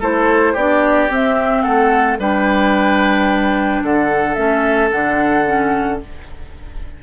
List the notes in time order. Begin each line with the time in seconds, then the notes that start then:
0.00 A3 E4 A4 C5
0.53 B3 D4 G4 D5
1.09 C4 E5
1.63 A3 A4 F#5
2.19 G3 D4 B4 G5
3.83 D3 A4 F#5
4.35 A3 C#4 E5
4.91 D3 D4 F#5
5.46 C#4